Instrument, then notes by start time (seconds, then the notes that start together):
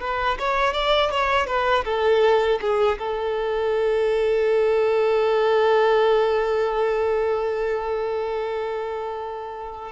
violin
0.00 B4
0.39 C#5
0.73 D5
1.11 C#5
1.46 B4
1.84 A4
2.60 G#4
2.98 A4